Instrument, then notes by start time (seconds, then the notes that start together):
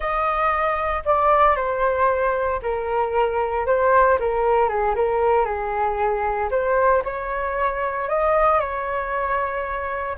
flute
0.00 D#5
1.05 D5
1.56 C5
2.62 A#4
3.66 C5
4.19 A#4
4.68 G#4
4.95 A#4
5.45 G#4
6.50 C5
7.04 C#5
8.08 D#5
8.59 C#5